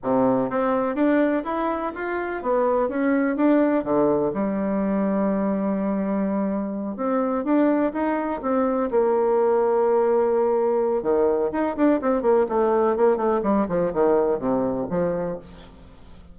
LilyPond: \new Staff \with { instrumentName = "bassoon" } { \time 4/4 \tempo 4 = 125 c4 c'4 d'4 e'4 | f'4 b4 cis'4 d'4 | d4 g2.~ | g2~ g8 c'4 d'8~ |
d'8 dis'4 c'4 ais4.~ | ais2. dis4 | dis'8 d'8 c'8 ais8 a4 ais8 a8 | g8 f8 dis4 c4 f4 | }